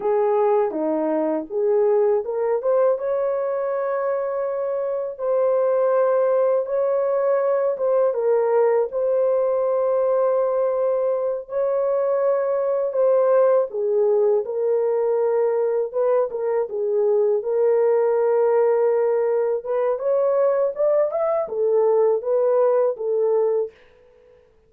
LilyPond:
\new Staff \with { instrumentName = "horn" } { \time 4/4 \tempo 4 = 81 gis'4 dis'4 gis'4 ais'8 c''8 | cis''2. c''4~ | c''4 cis''4. c''8 ais'4 | c''2.~ c''8 cis''8~ |
cis''4. c''4 gis'4 ais'8~ | ais'4. b'8 ais'8 gis'4 ais'8~ | ais'2~ ais'8 b'8 cis''4 | d''8 e''8 a'4 b'4 a'4 | }